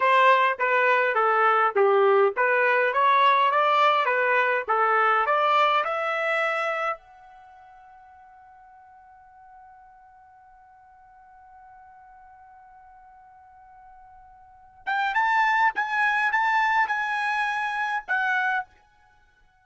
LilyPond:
\new Staff \with { instrumentName = "trumpet" } { \time 4/4 \tempo 4 = 103 c''4 b'4 a'4 g'4 | b'4 cis''4 d''4 b'4 | a'4 d''4 e''2 | fis''1~ |
fis''1~ | fis''1~ | fis''4. g''8 a''4 gis''4 | a''4 gis''2 fis''4 | }